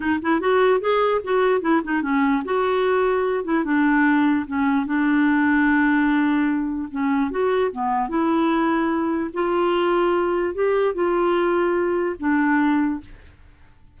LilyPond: \new Staff \with { instrumentName = "clarinet" } { \time 4/4 \tempo 4 = 148 dis'8 e'8 fis'4 gis'4 fis'4 | e'8 dis'8 cis'4 fis'2~ | fis'8 e'8 d'2 cis'4 | d'1~ |
d'4 cis'4 fis'4 b4 | e'2. f'4~ | f'2 g'4 f'4~ | f'2 d'2 | }